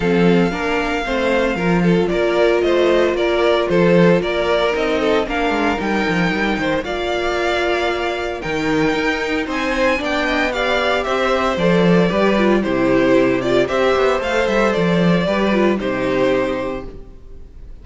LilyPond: <<
  \new Staff \with { instrumentName = "violin" } { \time 4/4 \tempo 4 = 114 f''1 | d''4 dis''4 d''4 c''4 | d''4 dis''4 f''4 g''4~ | g''4 f''2. |
g''2 gis''4 g''4 | f''4 e''4 d''2 | c''4. d''8 e''4 f''8 e''8 | d''2 c''2 | }
  \new Staff \with { instrumentName = "violin" } { \time 4/4 a'4 ais'4 c''4 ais'8 a'8 | ais'4 c''4 ais'4 a'4 | ais'4. a'8 ais'2~ | ais'8 c''8 d''2. |
ais'2 c''4 d''8 dis''8 | d''4 c''2 b'4 | g'2 c''2~ | c''4 b'4 g'2 | }
  \new Staff \with { instrumentName = "viola" } { \time 4/4 c'4 d'4 c'4 f'4~ | f'1~ | f'4 dis'4 d'4 dis'4~ | dis'4 f'2. |
dis'2. d'4 | g'2 a'4 g'8 f'8 | e'4. f'8 g'4 a'4~ | a'4 g'8 f'8 dis'2 | }
  \new Staff \with { instrumentName = "cello" } { \time 4/4 f4 ais4 a4 f4 | ais4 a4 ais4 f4 | ais4 c'4 ais8 gis8 g8 f8 | g8 dis8 ais2. |
dis4 dis'4 c'4 b4~ | b4 c'4 f4 g4 | c2 c'8 b8 a8 g8 | f4 g4 c2 | }
>>